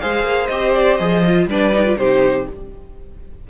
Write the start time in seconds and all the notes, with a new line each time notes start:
0.00 G#3 G#4 C5 F5
0.23 A#3
0.47 C4 G4 D#5
0.75 D5
0.98 F3 G#4 D#5
1.27 F4
1.47 G3 D4 B4 D5
1.73 D#4
1.85 F4
1.97 C3 D#4 G4 C5